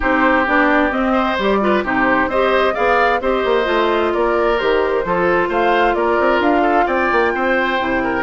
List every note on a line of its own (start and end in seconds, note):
0.00 0.47 C4
0.00 0.45 D#4
0.00 1.12 G4
0.00 0.47 C5
0.46 0.92 B3
0.46 0.91 D4
0.46 0.91 D5
0.91 1.36 C4
0.91 1.37 C4
0.91 1.37 D#5
1.12 1.58 C5
1.38 1.83 G3
1.38 1.61 G4
1.38 1.84 D5
1.61 1.84 F4
1.61 1.83 B4
1.83 2.27 C3
1.83 2.30 D#4
1.83 2.29 G4
1.83 2.30 C5
2.27 2.73 C4
2.27 2.74 G4
2.27 2.74 C5
2.27 2.75 D#5
2.74 3.21 B3
2.74 3.20 G#4
2.74 3.19 D5
2.74 3.21 F5
3.21 3.43 C4
3.21 3.64 G4
3.21 4.13 C5
3.21 4.13 D#5
3.45 3.67 A#3
3.64 4.12 A3
3.64 4.55 F4
4.13 4.61 A#3
4.13 5.05 A#4
4.13 4.58 D5
4.58 5.04 D#3
4.58 5.04 G4
4.58 5.50 C5
5.04 5.48 F3
5.04 7.79 F4
5.04 5.48 A4
5.48 5.94 A3
5.48 5.94 C5
5.48 5.94 F5
5.94 6.17 A#3
5.94 6.61 A#4
5.94 6.40 D5
6.19 6.39 C4
6.39 6.85 D4
6.39 6.87 F5
6.61 6.84 A4
6.86 7.10 C4
6.86 7.32 D5
6.86 8.22 G5
7.11 7.34 A#3
7.34 7.79 C4
7.34 8.03 C5
7.79 8.22 C3
7.79 8.22 E4
8.03 8.22 A#4